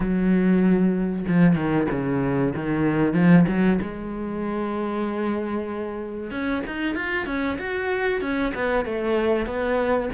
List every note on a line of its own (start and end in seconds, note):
0.00 1.25 F#3
1.28 1.55 F3
1.55 1.87 D#3
1.90 2.53 C#3
2.56 3.13 D#3
3.13 3.44 F3
3.48 3.79 F#3
3.81 6.30 G#3
6.30 6.62 C#4
6.66 6.95 D#4
6.95 7.26 F4
7.26 7.57 C#4
7.58 8.21 F#4
8.21 8.52 C#4
8.54 8.85 B3
8.85 9.46 A3
9.46 10.09 B3